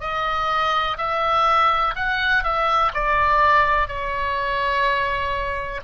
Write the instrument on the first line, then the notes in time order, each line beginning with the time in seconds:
oboe
0.00 D#5
0.98 E5
1.95 F#5
2.43 E5
2.94 D5
3.87 C#5